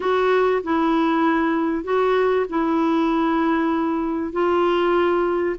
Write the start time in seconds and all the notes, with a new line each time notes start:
0.00 F#4
0.63 E4
1.84 F#4
2.49 E4
4.32 F4